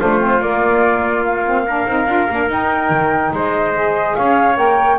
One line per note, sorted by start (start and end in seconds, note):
0.00 0.40 A3
0.00 0.19 D4
0.00 1.67 F4
0.00 0.41 C5
0.19 0.40 C4
0.40 1.86 A#3
0.40 1.46 A#3
0.40 1.24 D5
1.25 2.50 F5
1.46 1.67 C4
1.67 1.88 D4
1.67 3.33 A#4
1.86 2.07 C4
1.86 2.07 D#4
2.07 2.28 D4
2.07 2.28 F4
2.30 2.49 A#3
2.30 2.48 D4
2.48 3.73 D#4
2.48 2.90 D#4
2.48 3.35 G5
2.90 3.32 D#3
3.32 4.16 G#3
3.32 4.17 C5
3.32 4.15 D#5
3.76 4.56 G#4
4.15 4.58 C#4
4.15 4.99 C#5
4.15 4.57 F5
4.56 4.99 A#3
4.56 4.97 A#4
4.56 4.99 G5